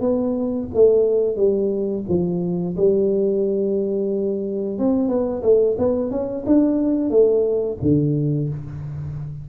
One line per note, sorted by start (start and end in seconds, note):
0.00 0.67 B3
0.74 1.36 A3
1.36 2.03 G3
2.08 2.75 F3
2.76 4.78 G3
4.78 5.08 C4
5.08 5.42 B3
5.42 5.76 A3
5.78 6.11 B3
6.11 6.44 C#4
6.46 7.10 D4
7.10 7.77 A3
7.81 8.49 D3